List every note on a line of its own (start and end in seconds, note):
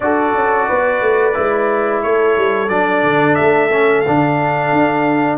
0.00 0.33 D4
0.00 1.33 F#4
0.00 0.68 A4
0.00 2.02 D5
0.34 0.67 C#4
0.68 1.01 B3
0.68 2.03 B4
1.01 1.35 A3
1.33 2.04 G#3
1.33 2.68 E4
2.02 2.37 A3
2.02 5.38 A4
2.02 2.69 C#5
2.37 2.69 G3
2.69 3.02 F#3
2.69 3.70 D4
2.69 3.35 D5
3.03 3.37 D3
3.35 4.07 A3
3.35 4.00 E5
3.72 4.05 C#4
4.00 5.35 F5
4.07 4.72 D3
4.07 5.38 D4
4.72 5.38 D4